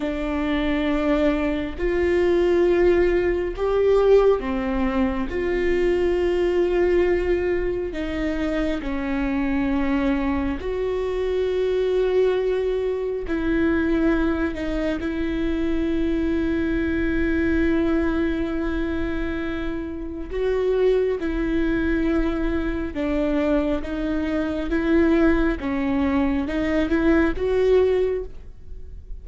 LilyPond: \new Staff \with { instrumentName = "viola" } { \time 4/4 \tempo 4 = 68 d'2 f'2 | g'4 c'4 f'2~ | f'4 dis'4 cis'2 | fis'2. e'4~ |
e'8 dis'8 e'2.~ | e'2. fis'4 | e'2 d'4 dis'4 | e'4 cis'4 dis'8 e'8 fis'4 | }